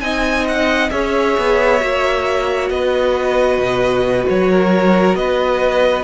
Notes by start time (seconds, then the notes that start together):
0.00 C4 D#4 D#5 G#5
0.48 F#5
0.90 C#4 G#4 C#5 E5
1.37 B3
1.80 A#3 F#4
2.70 B3 B4 D#5
3.58 B2
4.29 F#3 C#5
4.51 A#4
5.14 B3 B4 D#5